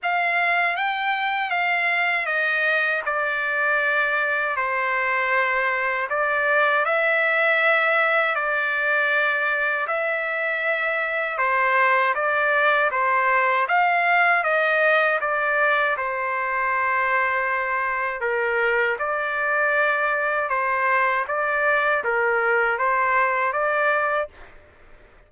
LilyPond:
\new Staff \with { instrumentName = "trumpet" } { \time 4/4 \tempo 4 = 79 f''4 g''4 f''4 dis''4 | d''2 c''2 | d''4 e''2 d''4~ | d''4 e''2 c''4 |
d''4 c''4 f''4 dis''4 | d''4 c''2. | ais'4 d''2 c''4 | d''4 ais'4 c''4 d''4 | }